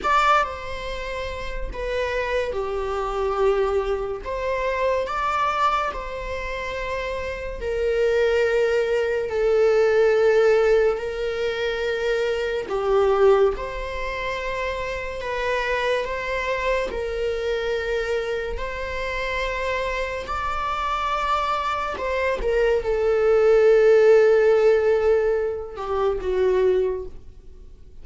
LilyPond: \new Staff \with { instrumentName = "viola" } { \time 4/4 \tempo 4 = 71 d''8 c''4. b'4 g'4~ | g'4 c''4 d''4 c''4~ | c''4 ais'2 a'4~ | a'4 ais'2 g'4 |
c''2 b'4 c''4 | ais'2 c''2 | d''2 c''8 ais'8 a'4~ | a'2~ a'8 g'8 fis'4 | }